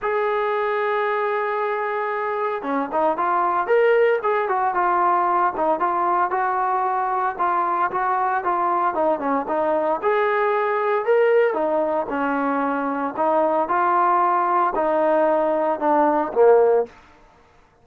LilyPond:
\new Staff \with { instrumentName = "trombone" } { \time 4/4 \tempo 4 = 114 gis'1~ | gis'4 cis'8 dis'8 f'4 ais'4 | gis'8 fis'8 f'4. dis'8 f'4 | fis'2 f'4 fis'4 |
f'4 dis'8 cis'8 dis'4 gis'4~ | gis'4 ais'4 dis'4 cis'4~ | cis'4 dis'4 f'2 | dis'2 d'4 ais4 | }